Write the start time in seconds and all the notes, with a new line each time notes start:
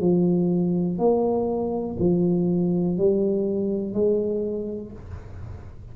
0.00 F3
0.98 A#3
1.99 F3
2.98 G3
3.93 G#3